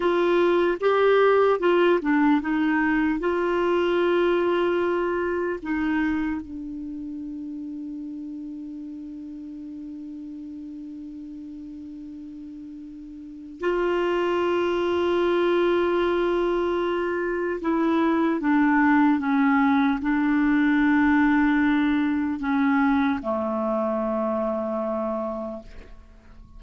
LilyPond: \new Staff \with { instrumentName = "clarinet" } { \time 4/4 \tempo 4 = 75 f'4 g'4 f'8 d'8 dis'4 | f'2. dis'4 | d'1~ | d'1~ |
d'4 f'2.~ | f'2 e'4 d'4 | cis'4 d'2. | cis'4 a2. | }